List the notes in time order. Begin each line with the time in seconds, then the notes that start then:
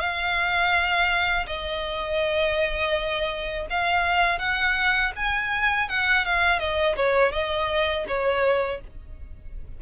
0.00 F5
1.47 D#5
3.70 F5
4.39 F#5
5.16 G#5
5.89 F#5
6.26 F5
6.59 D#5
6.96 C#5
7.32 D#5
8.08 C#5